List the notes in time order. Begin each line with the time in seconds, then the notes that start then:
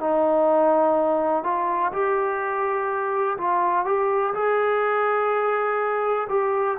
0.00 D#4
1.43 F4
1.92 G4
3.37 F4
3.85 G4
4.34 G#4
6.29 G4